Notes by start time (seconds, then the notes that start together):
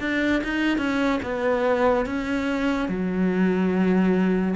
0.00 D4
0.44 D#4
0.78 C#4
1.22 B3
2.06 C#4
2.88 F#3